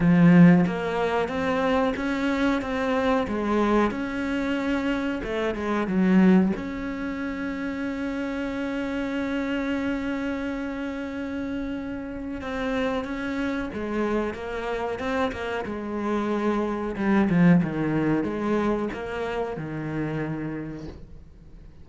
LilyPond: \new Staff \with { instrumentName = "cello" } { \time 4/4 \tempo 4 = 92 f4 ais4 c'4 cis'4 | c'4 gis4 cis'2 | a8 gis8 fis4 cis'2~ | cis'1~ |
cis'2. c'4 | cis'4 gis4 ais4 c'8 ais8 | gis2 g8 f8 dis4 | gis4 ais4 dis2 | }